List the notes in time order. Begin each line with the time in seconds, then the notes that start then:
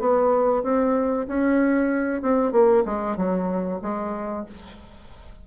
0.00 B3
0.64 C4
1.28 C#4
2.23 C4
2.52 A#3
2.86 G#3
3.17 F#3
3.82 G#3